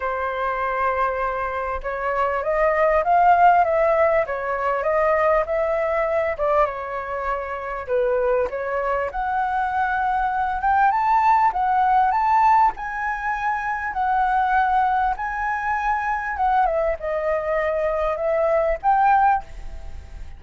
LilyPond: \new Staff \with { instrumentName = "flute" } { \time 4/4 \tempo 4 = 99 c''2. cis''4 | dis''4 f''4 e''4 cis''4 | dis''4 e''4. d''8 cis''4~ | cis''4 b'4 cis''4 fis''4~ |
fis''4. g''8 a''4 fis''4 | a''4 gis''2 fis''4~ | fis''4 gis''2 fis''8 e''8 | dis''2 e''4 g''4 | }